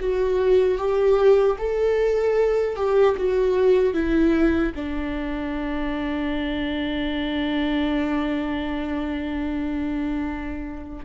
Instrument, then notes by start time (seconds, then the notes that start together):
viola
0.00 F#4
0.78 G4
1.59 A4
2.76 G4
3.17 F#4
3.94 E4
4.75 D4